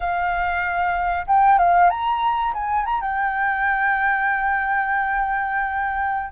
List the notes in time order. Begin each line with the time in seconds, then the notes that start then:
0.00 F5
1.27 G5
1.58 F5
1.89 A#5
2.53 G#5
2.85 A#5
3.01 G5